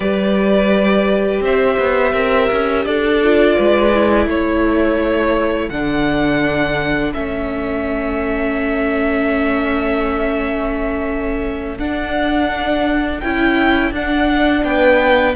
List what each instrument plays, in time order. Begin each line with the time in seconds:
0.00 cello G3, viola G4, violin B4 D5
1.40 cello C4, violin C5 E5
1.78 cello B3
2.12 cello C4, violin A#4
2.51 cello C#4
2.85 cello D4, violin A4 D5
3.23 viola F4
3.56 cello G#3, violin B4
3.93 viola E4
4.26 cello A3, violin A4 C#5
5.69 cello D3, viola D4, violin F#5
7.13 cello A3, viola C#4, violin E5
11.78 cello D4, viola D4, violin F#5
13.20 cello C#4, viola E4, violin G5
13.91 cello D4, viola D4, violin F#5
14.63 cello B3, violin B4 G5